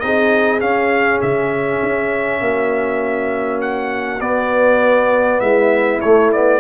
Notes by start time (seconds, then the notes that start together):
0.00 C4 D#4 G#4 D#5
0.60 C#4 F5
1.22 C#3 E5
1.83 C#4
2.41 A#3 F#4
3.62 F#5
4.21 B3 D5
5.40 G#3 E4 E5
6.01 A3 C#5
6.33 B3 D5